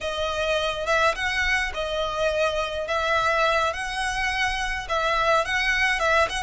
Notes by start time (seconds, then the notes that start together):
0.01 D#5
0.86 E5
1.15 F#5
1.74 D#5
2.87 E5
3.73 F#5
4.88 E5
5.45 F#5
5.99 E5
6.29 F#5